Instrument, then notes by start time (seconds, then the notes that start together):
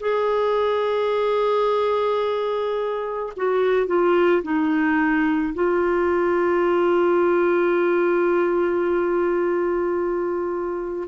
clarinet
0.00 G#4
3.36 F#4
3.86 F4
4.42 D#4
5.54 F4